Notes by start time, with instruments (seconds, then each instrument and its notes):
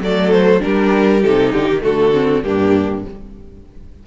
0.00 cello F#3, viola A3, violin A4 D5
0.31 violin C5
0.60 cello G3, viola D4, violin G4 A#4
1.23 cello C3, viola D#4, violin A4
1.53 cello D3, violin G4
1.68 cello D#3
1.81 cello D3, viola A3, violin F#4 A4
2.13 viola C4
2.43 cello G2, viola A#3, violin D4 G4